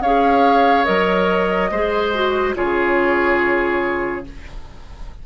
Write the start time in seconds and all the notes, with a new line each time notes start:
0.00 C#4 G#4 C#5 F5
0.84 F#3 A#4 D#5
1.70 G#3 G#4 C5
2.14 F#4
2.55 C#3 F4 G#4 C#5